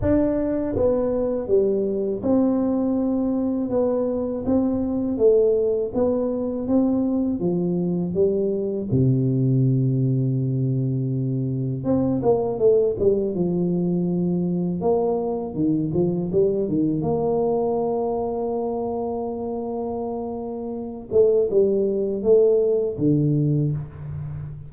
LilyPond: \new Staff \with { instrumentName = "tuba" } { \time 4/4 \tempo 4 = 81 d'4 b4 g4 c'4~ | c'4 b4 c'4 a4 | b4 c'4 f4 g4 | c1 |
c'8 ais8 a8 g8 f2 | ais4 dis8 f8 g8 dis8 ais4~ | ais1~ | ais8 a8 g4 a4 d4 | }